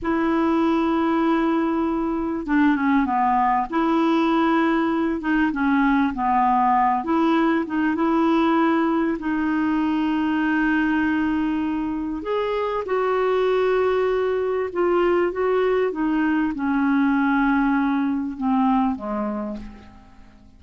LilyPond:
\new Staff \with { instrumentName = "clarinet" } { \time 4/4 \tempo 4 = 98 e'1 | d'8 cis'8 b4 e'2~ | e'8 dis'8 cis'4 b4. e'8~ | e'8 dis'8 e'2 dis'4~ |
dis'1 | gis'4 fis'2. | f'4 fis'4 dis'4 cis'4~ | cis'2 c'4 gis4 | }